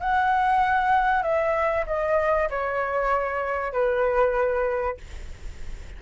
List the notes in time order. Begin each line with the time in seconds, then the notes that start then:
0.00 F#5
1.22 E5
1.86 D#5
2.50 C#5
3.73 B4